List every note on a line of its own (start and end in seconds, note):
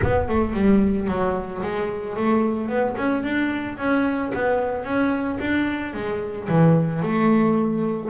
0.02 0.28 B3
0.28 0.53 A3
0.53 1.07 G3
1.07 1.61 F#3
1.62 2.15 G#3
2.15 2.68 A3
2.68 2.95 B3
2.97 3.23 C#4
3.23 3.77 D4
3.77 4.31 C#4
4.33 4.84 B3
4.84 5.38 C#4
5.40 5.93 D4
5.93 6.47 G#3
6.48 7.02 E3
7.02 8.09 A3